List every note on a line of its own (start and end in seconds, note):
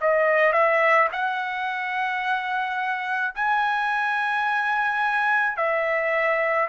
0.00 0.52 D#5
0.52 1.08 E5
1.12 3.34 F#5
3.35 5.57 G#5
5.57 6.68 E5